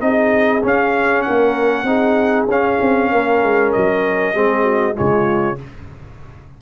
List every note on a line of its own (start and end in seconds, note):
0.00 0.63 C4
0.00 0.62 D#4
0.00 0.63 D#5
0.06 1.27 G#4
0.63 1.86 C#4
0.63 1.26 C#4
0.63 1.22 F5
1.22 1.88 A#4
1.22 2.46 F#5
1.28 1.84 A#3
1.84 2.46 C4
1.84 2.48 D#4
1.84 3.11 G#4
2.48 2.79 C#4
2.48 4.35 C#4
2.48 3.73 F5
2.82 3.13 C4
3.11 3.43 A#3
3.11 4.35 A#4
3.43 3.74 G#3
3.73 4.35 F#3
3.73 4.96 D#5
4.35 4.97 G#3
4.35 4.94 C4
4.35 4.64 G#4
4.64 4.95 F#4
4.94 5.62 C#3
4.94 5.56 G#3
4.94 5.58 F4
4.94 5.59 C#5